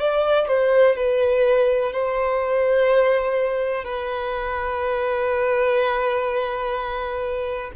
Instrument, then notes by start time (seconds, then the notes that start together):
violin
0.00 D5
0.48 C5
0.96 B4
1.93 C5
3.85 B4